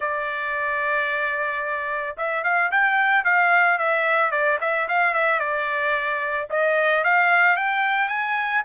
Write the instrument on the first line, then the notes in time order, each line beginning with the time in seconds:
trumpet
0.00 D5
2.17 E5
2.43 F5
2.71 G5
3.24 F5
3.78 E5
4.31 D5
4.60 E5
4.88 F5
5.14 E5
5.39 D5
6.49 D#5
7.04 F5
7.56 G5
8.08 G#5